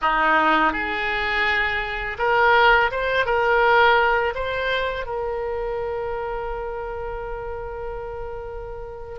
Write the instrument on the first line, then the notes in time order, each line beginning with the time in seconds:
oboe
0.01 D#4
0.72 G#4
2.18 A#4
2.91 C5
3.25 A#4
4.34 C5
5.06 A#4